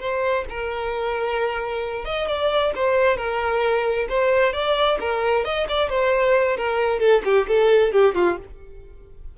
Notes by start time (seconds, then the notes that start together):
0.00 C5
0.49 A#4
2.05 D#5
2.27 D5
2.75 C5
3.17 A#4
4.09 C5
4.53 D5
5.00 A#4
5.45 D#5
5.69 D5
5.90 C5
6.57 A#4
7.00 A4
7.24 G4
7.48 A4
7.92 G4
8.15 F4